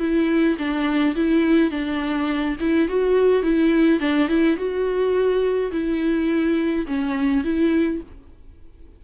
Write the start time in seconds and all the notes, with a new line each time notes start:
0.00 E4
0.58 D4
1.16 E4
1.71 D4
2.60 E4
2.89 F#4
3.43 E4
4.00 D4
4.29 E4
4.57 F#4
5.72 E4
6.87 C#4
7.44 E4